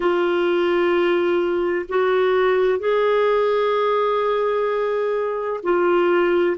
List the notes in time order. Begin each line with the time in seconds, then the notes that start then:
0.00 F4
1.88 F#4
2.79 G#4
5.62 F4